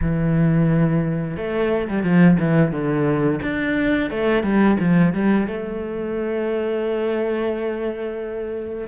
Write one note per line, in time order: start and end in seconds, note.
0.01 1.36 E3
1.36 1.87 A3
1.88 2.03 G3
2.03 2.37 F3
2.39 2.71 E3
2.71 3.39 D3
3.42 4.10 D4
4.10 4.43 A3
4.43 4.77 G3
4.79 5.13 F3
5.13 5.47 G3
5.47 8.87 A3